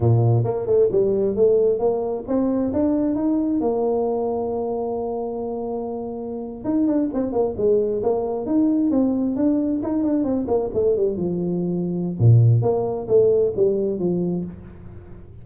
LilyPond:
\new Staff \with { instrumentName = "tuba" } { \time 4/4 \tempo 4 = 133 ais,4 ais8 a8 g4 a4 | ais4 c'4 d'4 dis'4 | ais1~ | ais2~ ais8. dis'8 d'8 c'16~ |
c'16 ais8 gis4 ais4 dis'4 c'16~ | c'8. d'4 dis'8 d'8 c'8 ais8 a16~ | a16 g8 f2~ f16 ais,4 | ais4 a4 g4 f4 | }